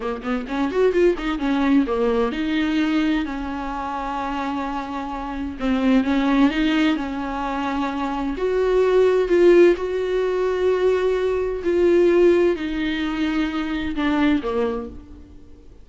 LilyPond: \new Staff \with { instrumentName = "viola" } { \time 4/4 \tempo 4 = 129 ais8 b8 cis'8 fis'8 f'8 dis'8 cis'4 | ais4 dis'2 cis'4~ | cis'1 | c'4 cis'4 dis'4 cis'4~ |
cis'2 fis'2 | f'4 fis'2.~ | fis'4 f'2 dis'4~ | dis'2 d'4 ais4 | }